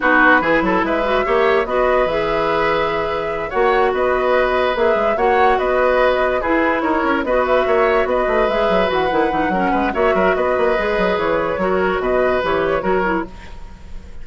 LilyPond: <<
  \new Staff \with { instrumentName = "flute" } { \time 4/4 \tempo 4 = 145 b'2 e''2 | dis''4 e''2.~ | e''8 fis''4 dis''2 e''8~ | e''8 fis''4 dis''2 b'8~ |
b'8 cis''4 dis''8 e''4. dis''8~ | dis''8 e''4 fis''2~ fis''8 | e''4 dis''2 cis''4~ | cis''4 dis''4 cis''2 | }
  \new Staff \with { instrumentName = "oboe" } { \time 4/4 fis'4 gis'8 a'8 b'4 cis''4 | b'1~ | b'8 cis''4 b'2~ b'8~ | b'8 cis''4 b'2 gis'8~ |
gis'8 ais'4 b'4 cis''4 b'8~ | b'2. ais'8 b'8 | cis''8 ais'8 b'2. | ais'4 b'2 ais'4 | }
  \new Staff \with { instrumentName = "clarinet" } { \time 4/4 dis'4 e'4. fis'8 g'4 | fis'4 gis'2.~ | gis'8 fis'2. gis'8~ | gis'8 fis'2. e'8~ |
e'4. fis'2~ fis'8~ | fis'8 gis'4 fis'8 e'8 dis'8 cis'4 | fis'2 gis'2 | fis'2 g'4 fis'8 e'8 | }
  \new Staff \with { instrumentName = "bassoon" } { \time 4/4 b4 e8 fis8 gis4 ais4 | b4 e2.~ | e8 ais4 b2 ais8 | gis8 ais4 b2 e'8~ |
e'8 dis'8 cis'8 b4 ais4 b8 | a8 gis8 fis8 e8 dis8 e8 fis8 gis8 | ais8 fis8 b8 ais8 gis8 fis8 e4 | fis4 b,4 e4 fis4 | }
>>